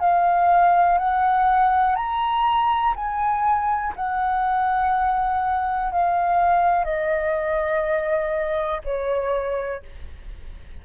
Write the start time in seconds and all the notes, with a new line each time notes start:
0.00 F5
0.98 F#5
1.95 A#5
2.95 G#5
3.96 F#5
5.92 F5
6.84 D#5
8.84 C#5